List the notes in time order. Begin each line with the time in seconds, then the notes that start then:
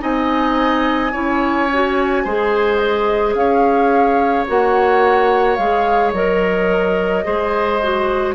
0.00 C4 D#4 D#5 G#5
1.12 C#4 E4 C#5
1.73 F#4
2.24 G#3 G#4 C5
2.78 D#5
3.34 C#4 C#5 F5
4.47 A#3 F#4 F#5
5.56 G#3 G#4 F5
6.13 F#3 A#4 D#5
7.24 G#3 G#4 C5
7.83 F#4